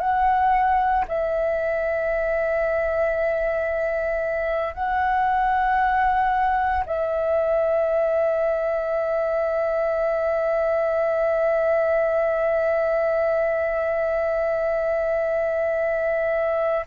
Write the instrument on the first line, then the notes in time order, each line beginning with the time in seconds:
flute
0.00 F#5
1.08 E5
4.74 F#5
6.86 E5